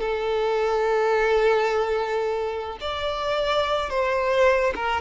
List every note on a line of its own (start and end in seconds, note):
0.00 2.78 A4
2.81 3.90 D5
3.90 4.73 C5
4.75 5.01 A#4